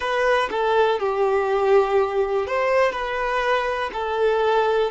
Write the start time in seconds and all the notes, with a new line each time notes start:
0.00 B4
0.50 A4
0.99 G4
2.46 C5
2.92 B4
3.93 A4